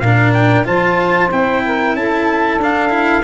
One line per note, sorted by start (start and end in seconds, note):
0.00 0.65 A#2
0.00 0.65 D4
0.00 0.67 A#4
0.00 0.32 F5
0.34 0.66 G5
0.65 1.32 F3
0.65 1.29 F4
0.65 1.63 C5
0.65 1.32 A5
1.32 1.94 C4
1.32 2.61 E4
1.32 1.96 G5
1.65 1.98 A#4
1.94 2.58 C#4
1.94 3.24 A4
1.94 2.61 A5
2.58 3.23 D4
2.58 2.90 D4
2.58 3.24 F5
2.90 3.22 E4